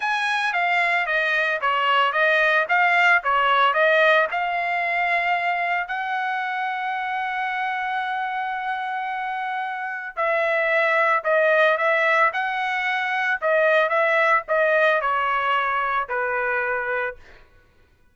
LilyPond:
\new Staff \with { instrumentName = "trumpet" } { \time 4/4 \tempo 4 = 112 gis''4 f''4 dis''4 cis''4 | dis''4 f''4 cis''4 dis''4 | f''2. fis''4~ | fis''1~ |
fis''2. e''4~ | e''4 dis''4 e''4 fis''4~ | fis''4 dis''4 e''4 dis''4 | cis''2 b'2 | }